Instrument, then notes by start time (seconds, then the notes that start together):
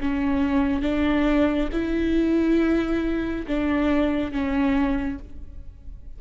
viola
0.00 C#4
0.82 D4
1.72 E4
3.47 D4
4.32 C#4